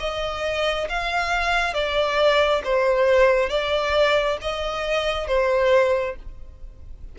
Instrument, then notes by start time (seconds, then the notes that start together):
violin
0.00 D#5
0.89 F5
1.74 D5
2.65 C5
3.50 D5
4.42 D#5
5.28 C5